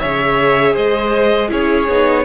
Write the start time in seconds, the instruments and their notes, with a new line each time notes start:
0.00 cello C#3, viola G#4, violin C#5 E5
0.73 cello G#3, violin C5 D#5
1.48 cello C#4, viola E4, violin G#4 C#5
1.88 cello B3, viola D#4